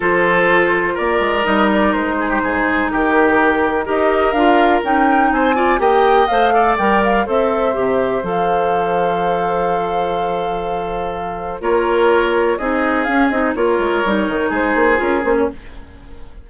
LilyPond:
<<
  \new Staff \with { instrumentName = "flute" } { \time 4/4 \tempo 4 = 124 c''2 d''4 dis''8 d''8 | c''2 ais'2 | dis''4 f''4 g''4 gis''4 | g''4 f''4 g''8 f''8 e''4~ |
e''4 f''2.~ | f''1 | cis''2 dis''4 f''8 dis''8 | cis''2 c''4 ais'8 c''16 cis''16 | }
  \new Staff \with { instrumentName = "oboe" } { \time 4/4 a'2 ais'2~ | ais'8 gis'16 g'16 gis'4 g'2 | ais'2. c''8 d''8 | dis''4. d''4. c''4~ |
c''1~ | c''1 | ais'2 gis'2 | ais'2 gis'2 | }
  \new Staff \with { instrumentName = "clarinet" } { \time 4/4 f'2. dis'4~ | dis'1 | g'4 f'4 dis'4. f'8 | g'4 c''8 a'8 ais'4 a'4 |
g'4 a'2.~ | a'1 | f'2 dis'4 cis'8 dis'8 | f'4 dis'2 f'8 cis'8 | }
  \new Staff \with { instrumentName = "bassoon" } { \time 4/4 f2 ais8 gis8 g4 | gis4 gis,4 dis2 | dis'4 d'4 cis'4 c'4 | ais4 a4 g4 c'4 |
c4 f2.~ | f1 | ais2 c'4 cis'8 c'8 | ais8 gis8 g8 dis8 gis8 ais8 cis'8 ais8 | }
>>